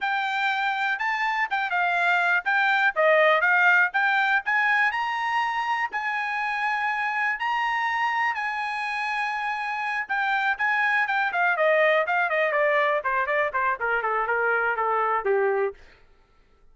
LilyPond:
\new Staff \with { instrumentName = "trumpet" } { \time 4/4 \tempo 4 = 122 g''2 a''4 g''8 f''8~ | f''4 g''4 dis''4 f''4 | g''4 gis''4 ais''2 | gis''2. ais''4~ |
ais''4 gis''2.~ | gis''8 g''4 gis''4 g''8 f''8 dis''8~ | dis''8 f''8 dis''8 d''4 c''8 d''8 c''8 | ais'8 a'8 ais'4 a'4 g'4 | }